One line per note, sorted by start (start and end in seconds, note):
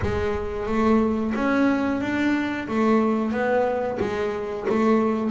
0.02 0.66 G#3
0.66 1.33 A3
1.35 2.01 C#4
2.01 2.67 D4
2.68 3.32 A3
3.32 3.98 B3
4.00 4.66 G#3
4.68 5.30 A3